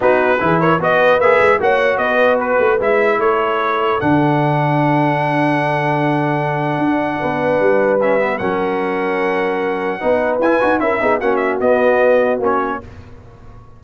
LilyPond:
<<
  \new Staff \with { instrumentName = "trumpet" } { \time 4/4 \tempo 4 = 150 b'4. cis''8 dis''4 e''4 | fis''4 dis''4 b'4 e''4 | cis''2 fis''2~ | fis''1~ |
fis''1 | e''4 fis''2.~ | fis''2 gis''4 e''4 | fis''8 e''8 dis''2 cis''4 | }
  \new Staff \with { instrumentName = "horn" } { \time 4/4 fis'4 gis'8 ais'8 b'2 | cis''4 b'2. | a'1~ | a'1~ |
a'2 b'2~ | b'4 ais'2.~ | ais'4 b'2 ais'8 gis'8 | fis'1 | }
  \new Staff \with { instrumentName = "trombone" } { \time 4/4 dis'4 e'4 fis'4 gis'4 | fis'2. e'4~ | e'2 d'2~ | d'1~ |
d'1 | cis'8 b8 cis'2.~ | cis'4 dis'4 e'8 fis'8 e'8 dis'8 | cis'4 b2 cis'4 | }
  \new Staff \with { instrumentName = "tuba" } { \time 4/4 b4 e4 b4 ais8 gis8 | ais4 b4. a8 gis4 | a2 d2~ | d1~ |
d4 d'4 b4 g4~ | g4 fis2.~ | fis4 b4 e'8 dis'8 cis'8 b8 | ais4 b2 ais4 | }
>>